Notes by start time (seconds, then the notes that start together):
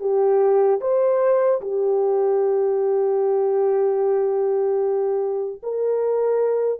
0.00 G4
0.81 C5
1.61 G4
5.63 A#4